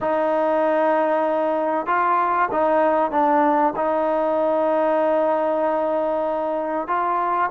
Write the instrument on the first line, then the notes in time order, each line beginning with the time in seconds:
trombone
0.01 D#4
1.86 F4
2.51 D#4
3.11 D4
3.76 D#4
6.88 F4